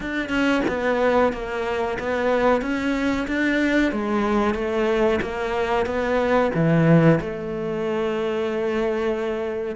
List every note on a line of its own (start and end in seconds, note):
0.00 0.29 D4
0.29 0.61 C#4
0.68 1.32 B3
1.32 1.97 A#3
1.99 2.61 B3
2.61 3.26 C#4
3.27 3.92 D4
3.92 4.54 G#3
4.54 5.19 A3
5.21 5.85 A#3
5.85 6.51 B3
6.54 7.19 E3
7.20 9.75 A3